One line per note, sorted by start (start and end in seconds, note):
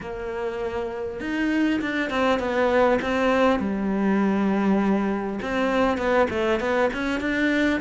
0.01 1.20 A#3
1.20 1.80 D#4
1.81 2.10 D4
2.10 2.39 C4
2.39 2.99 B3
3.01 3.59 C4
3.59 5.39 G3
5.42 5.97 C4
5.97 6.27 B3
6.29 6.59 A3
6.59 6.89 B3
6.93 7.20 C#4
7.20 7.80 D4